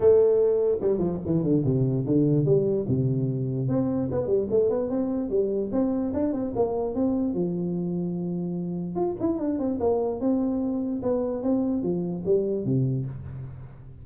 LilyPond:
\new Staff \with { instrumentName = "tuba" } { \time 4/4 \tempo 4 = 147 a2 g8 f8 e8 d8 | c4 d4 g4 c4~ | c4 c'4 b8 g8 a8 b8 | c'4 g4 c'4 d'8 c'8 |
ais4 c'4 f2~ | f2 f'8 e'8 d'8 c'8 | ais4 c'2 b4 | c'4 f4 g4 c4 | }